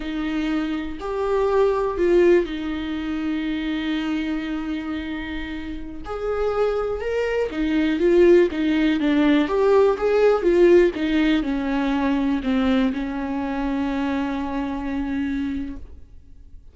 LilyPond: \new Staff \with { instrumentName = "viola" } { \time 4/4 \tempo 4 = 122 dis'2 g'2 | f'4 dis'2.~ | dis'1~ | dis'16 gis'2 ais'4 dis'8.~ |
dis'16 f'4 dis'4 d'4 g'8.~ | g'16 gis'4 f'4 dis'4 cis'8.~ | cis'4~ cis'16 c'4 cis'4.~ cis'16~ | cis'1 | }